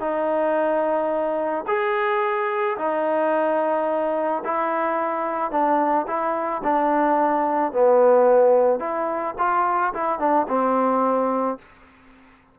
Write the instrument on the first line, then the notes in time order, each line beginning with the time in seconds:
trombone
0.00 D#4
1.67 G#4
2.78 D#4
4.44 E4
5.51 D4
6.07 E4
6.63 D4
7.72 B3
8.79 E4
9.38 F4
9.94 E4
10.19 D4
10.48 C4